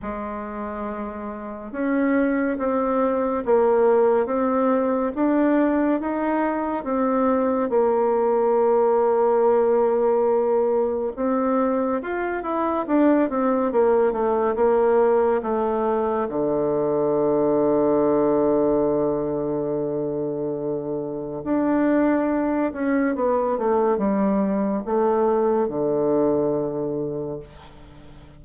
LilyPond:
\new Staff \with { instrumentName = "bassoon" } { \time 4/4 \tempo 4 = 70 gis2 cis'4 c'4 | ais4 c'4 d'4 dis'4 | c'4 ais2.~ | ais4 c'4 f'8 e'8 d'8 c'8 |
ais8 a8 ais4 a4 d4~ | d1~ | d4 d'4. cis'8 b8 a8 | g4 a4 d2 | }